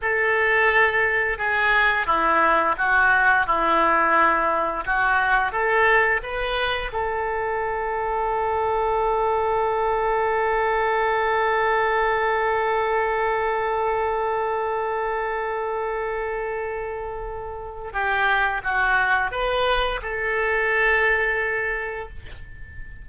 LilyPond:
\new Staff \with { instrumentName = "oboe" } { \time 4/4 \tempo 4 = 87 a'2 gis'4 e'4 | fis'4 e'2 fis'4 | a'4 b'4 a'2~ | a'1~ |
a'1~ | a'1~ | a'2 g'4 fis'4 | b'4 a'2. | }